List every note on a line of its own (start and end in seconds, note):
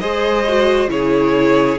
0.00 0.88 G#3
0.00 0.46 G#4
0.00 0.91 C5
0.00 0.90 D#5
0.49 0.88 F#4
0.88 1.78 C#3
0.88 1.78 E4
0.88 1.79 G#4
0.88 1.79 C#5